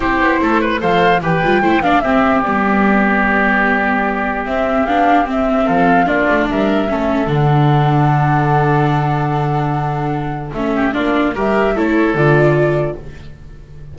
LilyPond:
<<
  \new Staff \with { instrumentName = "flute" } { \time 4/4 \tempo 4 = 148 c''2 f''4 g''4~ | g''8 f''8 e''4 d''2~ | d''2. e''4 | f''4 e''4 f''4 d''4 |
e''2 fis''2~ | fis''1~ | fis''2 e''4 d''4 | e''4 cis''4 d''2 | }
  \new Staff \with { instrumentName = "oboe" } { \time 4/4 g'4 a'8 b'8 c''4 b'4 | c''8 d''8 g'2.~ | g'1~ | g'2 a'4 f'4 |
ais'4 a'2.~ | a'1~ | a'2~ a'8 g'8 f'4 | ais'4 a'2. | }
  \new Staff \with { instrumentName = "viola" } { \time 4/4 e'2 a'4 g'8 f'8 | e'8 d'8 c'4 b2~ | b2. c'4 | d'4 c'2 d'4~ |
d'4 cis'4 d'2~ | d'1~ | d'2 cis'4 d'4 | g'4 e'4 f'2 | }
  \new Staff \with { instrumentName = "double bass" } { \time 4/4 c'8 b8 a4 f4 e8 g8 | a8 b8 c'4 g2~ | g2. c'4 | b4 c'4 f4 ais8 a8 |
g4 a4 d2~ | d1~ | d2 a4 ais4 | g4 a4 d2 | }
>>